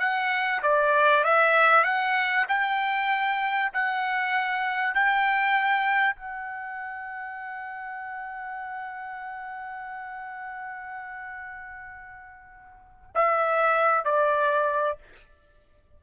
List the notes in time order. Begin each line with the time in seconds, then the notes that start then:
0.00 F#5
0.63 D5
1.24 E5
1.84 F#5
2.49 G5
3.74 F#5
4.95 G5
6.16 F#5
13.15 E5
14.05 D5